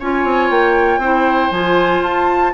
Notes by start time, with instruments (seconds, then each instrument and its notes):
0.00 bassoon C#4, clarinet F4, oboe C#5, flute G#5
0.25 bassoon C4
0.50 bassoon A#3, flute G5
0.98 bassoon C4, clarinet E4, oboe C5
1.51 bassoon F3, clarinet F4, flute G#5
2.01 bassoon F4, flute A5